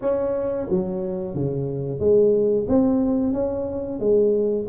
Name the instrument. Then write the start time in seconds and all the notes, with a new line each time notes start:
tuba
0.01 C#4
0.69 F#3
1.35 C#3
1.99 G#3
2.68 C4
3.33 C#4
3.99 G#3